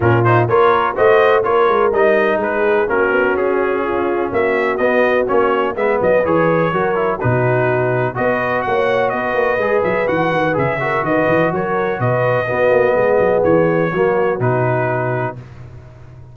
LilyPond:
<<
  \new Staff \with { instrumentName = "trumpet" } { \time 4/4 \tempo 4 = 125 ais'8 c''8 cis''4 dis''4 cis''4 | dis''4 b'4 ais'4 gis'4~ | gis'4 e''4 dis''4 cis''4 | e''8 dis''8 cis''2 b'4~ |
b'4 dis''4 fis''4 dis''4~ | dis''8 e''8 fis''4 e''4 dis''4 | cis''4 dis''2. | cis''2 b'2 | }
  \new Staff \with { instrumentName = "horn" } { \time 4/4 f'4 ais'4 c''4 ais'4~ | ais'4 gis'4 fis'2 | f'4 fis'2. | b'2 ais'4 fis'4~ |
fis'4 b'4 cis''4 b'4~ | b'2~ b'8 ais'8 b'4 | ais'4 b'4 fis'4 gis'4~ | gis'4 fis'2. | }
  \new Staff \with { instrumentName = "trombone" } { \time 4/4 cis'8 dis'8 f'4 fis'4 f'4 | dis'2 cis'2~ | cis'2 b4 cis'4 | b4 gis'4 fis'8 e'8 dis'4~ |
dis'4 fis'2. | gis'4 fis'4 gis'8 fis'4.~ | fis'2 b2~ | b4 ais4 dis'2 | }
  \new Staff \with { instrumentName = "tuba" } { \time 4/4 ais,4 ais4 a4 ais8 gis8 | g4 gis4 ais8 b8 cis'4~ | cis'4 ais4 b4 ais4 | gis8 fis8 e4 fis4 b,4~ |
b,4 b4 ais4 b8 ais8 | gis8 fis8 e8 dis8 cis4 dis8 e8 | fis4 b,4 b8 ais8 gis8 fis8 | e4 fis4 b,2 | }
>>